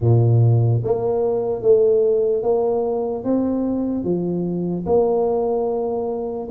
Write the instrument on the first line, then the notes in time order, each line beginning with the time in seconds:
tuba
0.00 A#2
0.83 A#3
1.61 A3
2.43 A#3
3.24 C4
4.04 F3
4.86 A#3